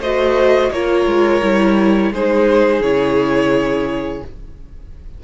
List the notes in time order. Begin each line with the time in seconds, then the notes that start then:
0.00 A3 F#4 C5 D#5
0.71 A#3 F4 A#4 C#5
1.06 G#3
1.42 G3 E4
2.11 G#3 D#4 G#4 C5
2.81 C#3 E4 C#5